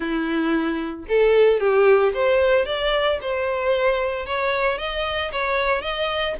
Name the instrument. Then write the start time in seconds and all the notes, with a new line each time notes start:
violin
0.00 E4
1.08 A4
1.59 G4
2.14 C5
2.65 D5
3.21 C5
4.26 C#5
4.78 D#5
5.32 C#5
5.81 D#5